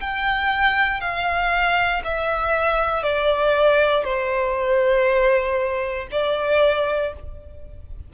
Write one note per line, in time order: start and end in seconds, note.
0.00 1.00 G5
1.00 2.02 F5
2.04 3.03 E5
3.03 4.04 D5
4.04 6.07 C5
6.11 7.13 D5